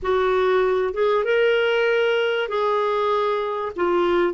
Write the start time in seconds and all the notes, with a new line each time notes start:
0.02 F#4
0.93 G#4
1.24 A#4
2.48 G#4
3.76 F4